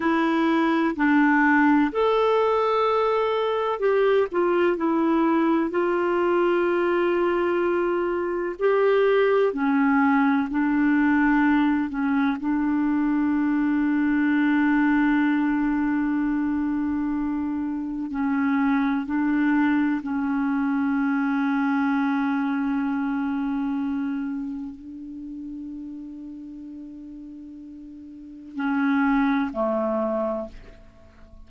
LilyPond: \new Staff \with { instrumentName = "clarinet" } { \time 4/4 \tempo 4 = 63 e'4 d'4 a'2 | g'8 f'8 e'4 f'2~ | f'4 g'4 cis'4 d'4~ | d'8 cis'8 d'2.~ |
d'2. cis'4 | d'4 cis'2.~ | cis'2 d'2~ | d'2 cis'4 a4 | }